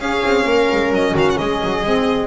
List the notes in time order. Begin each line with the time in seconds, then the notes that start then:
0.00 C#4 G#4 F5
0.25 C4
0.45 A#3 A#4
0.72 G#3
0.90 F#3 D#5
1.14 D#3 F#4 F5
1.30 F#5
1.38 G#3 G#4 D#5
1.64 F#3
1.84 G#3 C4